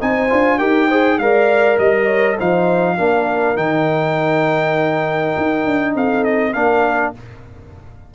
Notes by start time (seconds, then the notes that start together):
0.00 C4 D#4 C5 G#5
0.29 D4 F4
0.59 D#4 G4 A#4 G5
0.88 G#4 C5
1.18 G#3 A#4 D5 F5
1.78 G3 D#5
2.06 C#5
2.37 F3 D#4 C5 F5
2.98 A#3 D4 A#4
3.56 D#3 D#4 G5
5.37 D#4
5.65 D4
5.95 C4 A4 F5
6.24 D#5
6.53 A#3 D4 A#4 F5